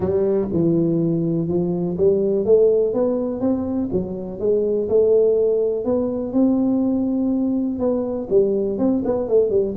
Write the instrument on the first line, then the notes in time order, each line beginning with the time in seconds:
tuba
0.00 G3
0.52 E3
1.48 F3
1.97 G3
2.45 A3
2.93 B3
3.40 C4
3.92 F#3
4.39 G#3
4.88 A3
5.84 B3
6.32 C4
7.79 B3
8.29 G3
8.78 C4
9.04 B3
9.28 A3
9.50 G3